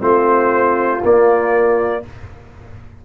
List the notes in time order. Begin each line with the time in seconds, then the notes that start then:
0.00 A3 C4 F4 C5
1.04 A#3 D5